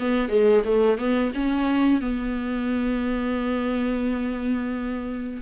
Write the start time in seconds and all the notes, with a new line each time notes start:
0.00 B3
0.29 G#3
0.65 A3
0.98 B3
1.35 C#4
2.01 B3